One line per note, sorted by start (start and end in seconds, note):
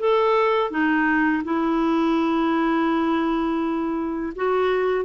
0.00 0.71 A4
0.71 1.44 D#4
1.45 4.34 E4
4.36 5.06 F#4